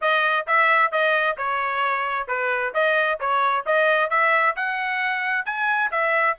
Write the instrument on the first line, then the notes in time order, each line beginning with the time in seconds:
trumpet
0.01 D#5
0.46 E5
0.91 D#5
1.37 C#5
2.27 B4
2.74 D#5
3.19 C#5
3.66 D#5
4.10 E5
4.56 F#5
5.45 G#5
5.91 E5